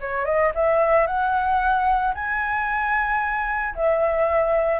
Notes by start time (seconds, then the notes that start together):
0.00 C#5
0.25 D#5
0.55 E5
1.06 F#5
2.14 G#5
3.75 E5